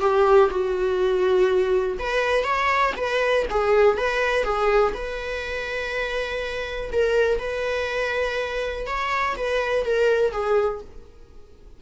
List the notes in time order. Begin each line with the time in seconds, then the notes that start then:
0.00 G4
0.50 F#4
1.99 B4
2.43 C#5
2.96 B4
3.50 G#4
3.97 B4
4.44 G#4
4.94 B4
6.92 A#4
7.39 B4
8.86 C#5
9.36 B4
9.85 A#4
10.31 G#4